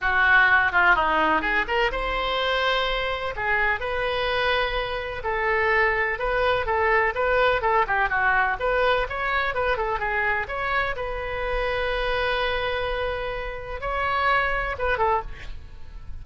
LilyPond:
\new Staff \with { instrumentName = "oboe" } { \time 4/4 \tempo 4 = 126 fis'4. f'8 dis'4 gis'8 ais'8 | c''2. gis'4 | b'2. a'4~ | a'4 b'4 a'4 b'4 |
a'8 g'8 fis'4 b'4 cis''4 | b'8 a'8 gis'4 cis''4 b'4~ | b'1~ | b'4 cis''2 b'8 a'8 | }